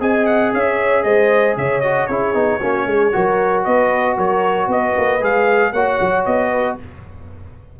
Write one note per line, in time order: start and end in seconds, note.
0.00 0.52 C4
0.00 1.83 G#4
0.00 0.53 D#5
0.00 0.26 G#5
0.26 0.52 F#5
0.53 1.04 C#4
0.53 1.05 C#5
0.53 1.03 E5
1.03 1.57 G#3
1.03 1.57 C5
1.03 1.55 D#5
1.57 2.09 C#3
1.57 2.08 C#5
1.57 1.80 E5
1.80 2.09 F#4
1.80 2.07 D#5
2.07 2.34 C#4
2.07 2.34 E4
2.07 2.60 G#4
2.07 3.63 C#5
2.34 2.60 B3
2.34 2.60 D#4
2.61 2.86 A#3
2.61 3.12 C#4
2.61 2.87 F#4
2.86 3.12 G#3
2.86 3.14 G#4
3.12 3.66 F#3
3.12 5.20 F#4
3.12 3.66 A#4
3.64 4.17 B3
3.64 4.16 B4
3.64 4.17 D#5
4.16 4.67 F#3
4.16 4.68 A#4
4.16 4.70 C#5
4.67 4.93 B3
4.67 5.73 B4
4.67 5.24 D#5
4.97 5.21 A#3
5.20 5.73 G#3
5.20 5.72 G#4
5.20 5.72 F5
5.72 5.99 A#3
5.72 6.80 F#4
5.72 6.51 C#5
5.72 6.25 F#5
6.00 6.26 F#3
6.25 6.78 B3
6.25 6.77 D#5
6.51 6.77 B4